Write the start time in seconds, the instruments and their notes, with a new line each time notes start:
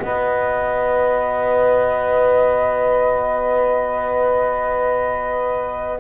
0.00 double bass B3, horn F#4, saxophone B4, flute D#5